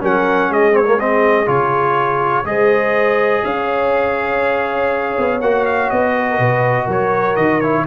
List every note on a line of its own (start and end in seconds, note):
0.00 0.50 F#3
0.00 0.72 C#4
0.00 0.49 A#4
0.00 0.52 F#5
0.49 1.48 G#3
0.49 2.46 G#4
0.49 0.76 D#5
0.72 0.84 C4
0.72 0.99 C#5
0.86 0.98 A#3
0.99 1.46 C4
0.99 1.48 D#5
1.46 2.44 C#3
1.46 2.44 F4
1.46 2.46 C#5
2.44 3.43 G#3
2.44 5.40 G#4
2.44 3.44 C5
2.44 3.44 D#5
3.44 5.17 C#4
3.44 6.13 C#5
3.44 5.41 F5
5.18 5.41 B3
5.41 5.90 A#3
5.41 7.62 F#4
5.41 5.66 F#5
5.66 5.90 F5
5.90 6.39 B3
5.90 6.88 D#5
6.13 6.26 B4
6.30 6.39 A#4
6.39 6.87 B2
6.39 6.85 B4
6.85 7.36 F#3
6.85 7.83 A#4
6.91 7.36 C#5
7.36 7.85 D#3
7.36 7.60 D#5
7.60 7.87 E4
7.60 7.85 C#5